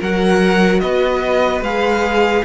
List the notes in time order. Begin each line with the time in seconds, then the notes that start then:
0.00 F#3 F#4 A#4 F#5
0.80 B3 B4 D#5
1.62 G#3 G#4 F5